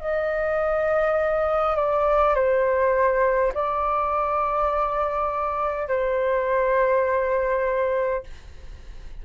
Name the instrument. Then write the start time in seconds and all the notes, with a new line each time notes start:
flute
0.00 D#5
1.76 D5
2.35 C5
3.55 D5
5.88 C5